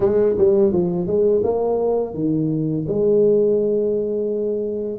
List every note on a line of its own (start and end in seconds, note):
0.00 0.35 G#3
0.38 0.72 G3
0.72 1.06 F3
1.06 1.42 G#3
1.43 2.14 A#3
2.14 2.85 D#3
2.87 4.98 G#3